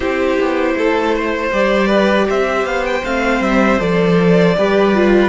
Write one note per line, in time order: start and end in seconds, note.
0.00 0.38 C4
0.00 1.51 E4
0.00 0.76 G4
0.00 1.50 C5
0.39 0.74 B3
0.74 1.50 A3
0.74 1.15 A4
1.15 1.87 C5
1.51 2.28 G3
1.51 3.03 G4
1.51 2.29 D5
1.87 2.25 B4
2.28 2.64 C4
2.28 4.56 C5
2.28 2.65 E5
2.64 3.02 B3
2.64 2.84 F5
2.85 3.04 G5
3.03 3.40 A3
3.03 3.79 C4
3.03 3.42 F5
3.40 3.78 G3
3.40 3.79 E5
3.79 4.56 F3
3.79 4.55 A4
3.79 5.29 D5
4.57 5.29 G3
4.57 4.94 G4
4.57 5.29 B4
4.94 5.29 F4